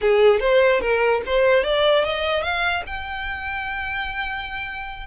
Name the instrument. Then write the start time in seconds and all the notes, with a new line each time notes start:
violin
0.01 G#4
0.40 C5
0.81 A#4
1.25 C5
1.63 D5
2.04 D#5
2.42 F5
2.86 G5